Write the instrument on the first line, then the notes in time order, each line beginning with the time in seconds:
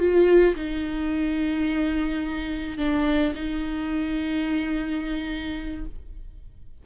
viola
0.00 F4
0.56 D#4
2.78 D4
3.35 D#4